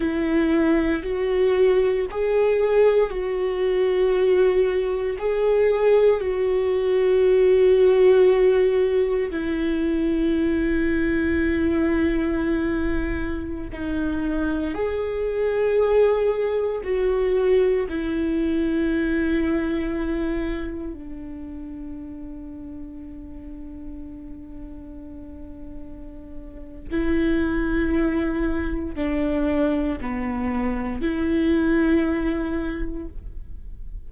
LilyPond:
\new Staff \with { instrumentName = "viola" } { \time 4/4 \tempo 4 = 58 e'4 fis'4 gis'4 fis'4~ | fis'4 gis'4 fis'2~ | fis'4 e'2.~ | e'4~ e'16 dis'4 gis'4.~ gis'16~ |
gis'16 fis'4 e'2~ e'8.~ | e'16 d'2.~ d'8.~ | d'2 e'2 | d'4 b4 e'2 | }